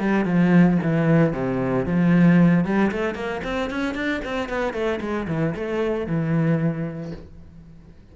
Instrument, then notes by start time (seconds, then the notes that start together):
cello
0.00 G3
0.25 F3
0.83 E3
1.33 C3
1.86 F3
2.65 G3
2.92 A3
3.15 A#3
3.44 C4
3.71 C#4
3.95 D4
4.25 C4
4.49 B3
4.74 A3
5.01 G#3
5.28 E3
5.55 A3
6.07 E3